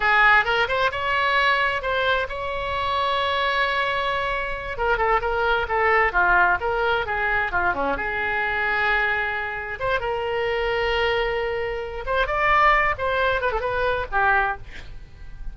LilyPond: \new Staff \with { instrumentName = "oboe" } { \time 4/4 \tempo 4 = 132 gis'4 ais'8 c''8 cis''2 | c''4 cis''2.~ | cis''2~ cis''8 ais'8 a'8 ais'8~ | ais'8 a'4 f'4 ais'4 gis'8~ |
gis'8 f'8 cis'8 gis'2~ gis'8~ | gis'4. c''8 ais'2~ | ais'2~ ais'8 c''8 d''4~ | d''8 c''4 b'16 a'16 b'4 g'4 | }